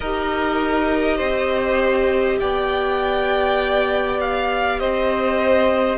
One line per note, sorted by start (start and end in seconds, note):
0.00 1.19 D#4
0.00 5.97 G4
0.00 1.17 A#4
0.00 2.39 D#5
1.17 2.39 C4
1.17 2.37 C5
2.39 4.81 B3
2.39 4.79 D5
2.39 4.19 G5
4.20 4.79 F5
4.79 5.97 C4
4.79 5.97 C5
4.79 5.97 D#5